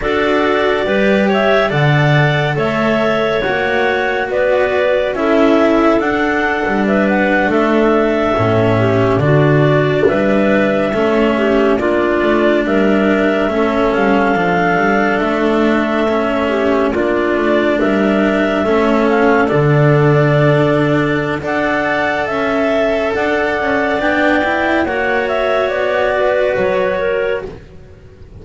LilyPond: <<
  \new Staff \with { instrumentName = "clarinet" } { \time 4/4 \tempo 4 = 70 d''4. e''8 fis''4 e''4 | fis''4 d''4 e''4 fis''4 | e''16 fis''8 e''2 d''4 e''16~ | e''4.~ e''16 d''4 e''4~ e''16~ |
e''16 f''4. e''2 d''16~ | d''8. e''4. f''8 d''4~ d''16~ | d''4 fis''4 e''4 fis''4 | g''4 fis''8 e''8 d''4 cis''4 | }
  \new Staff \with { instrumentName = "clarinet" } { \time 4/4 a'4 b'8 cis''8 d''4 cis''4~ | cis''4 b'4 a'2 | b'8. a'4. g'8 fis'4 b'16~ | b'8. a'8 g'8 f'4 ais'4 a'16~ |
a'2.~ a'16 g'8 f'16~ | f'8. ais'4 a'2~ a'16~ | a'4 d''4 e''4 d''4~ | d''4 cis''4. b'4 ais'8 | }
  \new Staff \with { instrumentName = "cello" } { \time 4/4 fis'4 g'4 a'2 | fis'2 e'4 d'4~ | d'4.~ d'16 cis'4 d'4~ d'16~ | d'8. cis'4 d'2 cis'16~ |
cis'8. d'2 cis'4 d'16~ | d'4.~ d'16 cis'4 d'4~ d'16~ | d'4 a'2. | d'8 e'8 fis'2. | }
  \new Staff \with { instrumentName = "double bass" } { \time 4/4 d'4 g4 d4 a4 | ais4 b4 cis'4 d'8. g16~ | g8. a4 a,4 d4 g16~ | g8. a4 ais8 a8 g4 a16~ |
a16 g8 f8 g8 a2 ais16~ | ais16 a8 g4 a4 d4~ d16~ | d4 d'4 cis'4 d'8 cis'8 | b4 ais4 b4 fis4 | }
>>